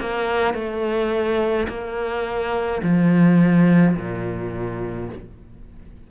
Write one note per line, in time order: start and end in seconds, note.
0.00 0.54 A#3
0.54 1.67 A3
1.68 2.81 A#3
2.83 3.96 F3
3.96 5.09 A#2